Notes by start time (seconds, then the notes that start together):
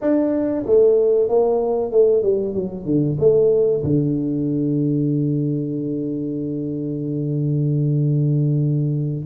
0.01 D4
0.66 A3
1.28 A#3
1.91 A3
2.22 G3
2.54 F#3
2.85 D3
3.19 A3
3.83 D3